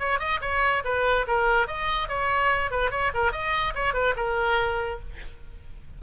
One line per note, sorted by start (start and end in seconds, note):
0.00 0.20 C#5
0.20 0.41 D#5
0.42 0.83 C#5
0.85 1.26 B4
1.28 1.68 A#4
1.68 2.09 D#5
2.09 2.71 C#5
2.71 2.91 B4
2.91 3.12 C#5
3.14 3.32 A#4
3.32 3.74 D#5
3.75 3.94 C#5
3.94 4.15 B4
4.16 5.00 A#4